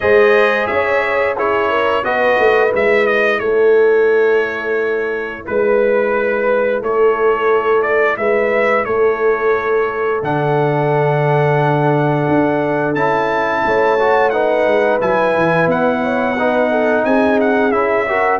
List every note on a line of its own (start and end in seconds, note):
0.00 0.69 G#3
0.00 1.37 G#4
0.00 0.69 C5
0.00 0.66 D#5
0.66 2.04 C#4
0.66 1.37 C#5
0.66 1.35 E5
1.37 2.03 E4
1.37 1.69 G#4
1.37 2.04 C#5
1.69 2.03 A#4
2.03 2.38 B3
2.03 2.69 F#4
2.03 3.41 B4
2.03 2.72 D#5
2.38 2.72 A3
2.69 3.39 G#3
2.69 10.19 E4
2.69 3.06 E5
3.06 3.39 D#5
3.39 5.44 A3
3.39 5.44 A4
3.39 5.43 C#5
5.44 6.82 G#3
5.44 6.81 B4
5.44 6.82 B4
6.81 8.17 A3
6.81 8.17 A4
6.81 7.82 C#5
7.82 8.16 D5
8.16 8.86 G#3
8.16 8.86 B4
8.16 8.84 E5
8.84 10.22 A3
8.84 13.63 A4
8.84 10.21 C#5
10.22 12.27 D3
10.22 12.96 D4
10.22 12.94 F#5
12.28 12.94 D4
12.94 13.62 C#4
12.94 13.98 E4
12.94 14.30 A5
13.65 14.66 A3
13.65 14.33 C#5
13.99 14.32 F#4
14.30 15.00 D#4
14.30 16.03 B4
14.30 14.98 F#5
14.66 15.00 G#3
15.00 15.36 F#3
15.00 16.36 E4
15.00 15.69 G#5
15.36 15.66 E3
15.66 17.03 B3
15.66 17.05 F#5
16.03 16.37 C#5
16.38 17.72 D#4
16.38 16.70 B4
16.70 17.04 A4
17.04 17.72 C4
17.04 18.08 G#4
17.04 17.39 G#5
17.40 17.71 F#5
17.71 18.39 C#4
17.71 18.06 E4
17.71 18.39 E5
18.07 18.39 F#4
18.07 18.39 A#4